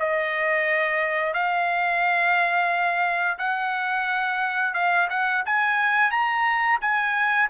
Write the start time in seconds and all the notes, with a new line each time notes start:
0.00 D#5
1.34 F5
3.38 F#5
4.74 F5
5.10 F#5
5.46 G#5
6.11 A#5
6.82 G#5